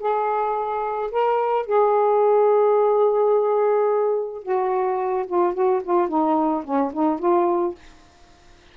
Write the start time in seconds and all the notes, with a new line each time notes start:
0.00 G#4
1.11 A#4
1.66 G#4
4.43 F#4
5.27 F4
5.54 F#4
5.84 F4
6.09 D#4
6.64 C#4
6.94 D#4
7.19 F4